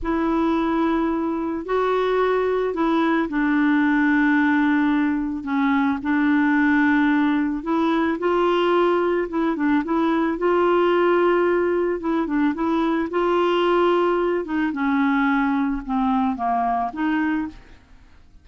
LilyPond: \new Staff \with { instrumentName = "clarinet" } { \time 4/4 \tempo 4 = 110 e'2. fis'4~ | fis'4 e'4 d'2~ | d'2 cis'4 d'4~ | d'2 e'4 f'4~ |
f'4 e'8 d'8 e'4 f'4~ | f'2 e'8 d'8 e'4 | f'2~ f'8 dis'8 cis'4~ | cis'4 c'4 ais4 dis'4 | }